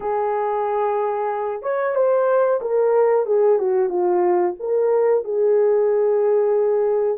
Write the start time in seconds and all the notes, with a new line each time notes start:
0.00 G#4
1.62 C#5
1.95 C5
2.61 A#4
3.26 G#4
3.58 F#4
3.89 F4
4.59 A#4
5.24 G#4